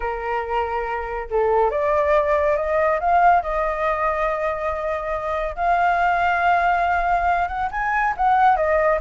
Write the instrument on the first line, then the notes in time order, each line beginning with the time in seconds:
flute
0.00 A#4
1.30 A4
1.70 D5
2.56 D#5
2.99 F5
3.42 D#5
5.55 F5
7.48 F#5
7.71 G#5
8.16 F#5
8.56 D#5